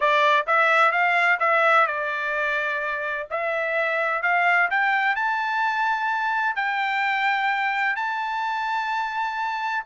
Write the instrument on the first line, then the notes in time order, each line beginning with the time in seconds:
trumpet
0.00 D5
0.46 E5
0.91 F5
1.39 E5
1.86 D5
3.30 E5
4.22 F5
4.70 G5
5.15 A5
6.55 G5
7.96 A5